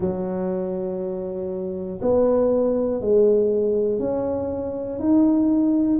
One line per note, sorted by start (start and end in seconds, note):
0.00 2.00 F#3
2.01 3.00 B3
3.00 3.99 G#3
3.99 4.99 C#4
4.99 5.99 D#4